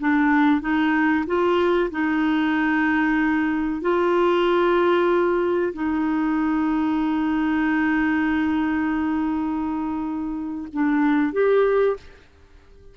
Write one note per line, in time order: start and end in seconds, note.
0.00 0.61 D4
0.61 1.25 D#4
1.27 1.91 F4
1.91 3.82 D#4
3.82 5.73 F4
5.74 10.68 D#4
10.73 11.33 D4
11.33 11.97 G4